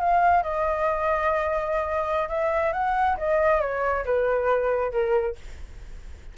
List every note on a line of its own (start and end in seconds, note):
0.00 0.43 F5
0.43 2.29 D#5
2.29 2.73 E5
2.73 3.17 F#5
3.18 3.61 D#5
3.61 4.05 C#5
4.05 4.92 B4
4.92 5.36 A#4